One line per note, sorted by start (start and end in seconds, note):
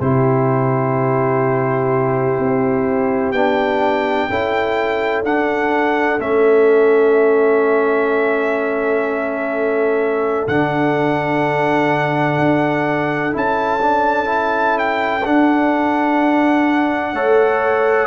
0.00 2.38 C3
0.00 3.35 E4
0.00 4.29 G4
0.00 3.32 C5
2.39 3.32 C4
3.32 4.28 B3
3.32 4.30 D4
3.32 5.22 G5
4.30 5.24 C#4
4.30 5.25 E4
4.30 17.14 A4
5.24 6.19 D4
5.24 6.20 F#5
6.19 10.48 A3
6.19 10.48 C#4
6.19 10.48 E5
10.48 12.38 D3
10.48 13.32 D4
10.48 13.34 F#5
12.39 13.34 D4
13.32 15.25 C#4
13.32 13.80 E4
13.32 14.79 A5
13.82 14.25 D4
14.25 15.21 E4
14.79 15.26 G5
15.25 17.15 D4
15.25 17.13 D4
15.25 18.07 F#5
17.13 18.07 A3
17.13 18.07 A4
17.13 18.07 C#5